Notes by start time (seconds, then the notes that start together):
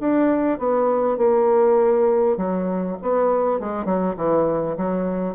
0.00 D4
0.59 B3
1.18 A#3
2.37 F#3
3.02 B3
3.60 G#3
3.86 F#3
4.17 E3
4.77 F#3